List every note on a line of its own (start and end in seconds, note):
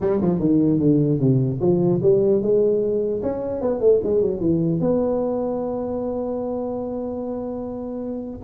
0.01 0.21 G3
0.21 0.39 F3
0.39 0.79 D#3
0.79 1.19 D3
1.19 1.59 C3
1.60 2.00 F3
2.02 2.41 G3
2.41 3.21 G#3
3.22 3.61 C#4
3.61 3.80 B3
3.80 4.00 A3
4.03 4.21 G#3
4.21 4.40 F#3
4.40 4.80 E3
4.80 8.40 B3